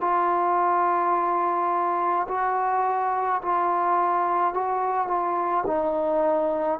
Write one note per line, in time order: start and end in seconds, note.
0.00 2.26 F4
2.28 3.41 F#4
3.42 4.53 F4
4.53 5.07 F#4
5.07 5.64 F4
5.67 6.79 D#4